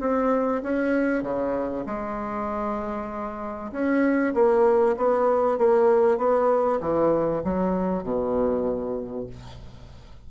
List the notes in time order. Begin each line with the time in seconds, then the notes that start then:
0.00 C4
0.63 C#4
1.23 C#3
1.86 G#3
3.72 C#4
4.34 A#3
4.97 B3
5.58 A#3
6.18 B3
6.80 E3
7.44 F#3
8.03 B2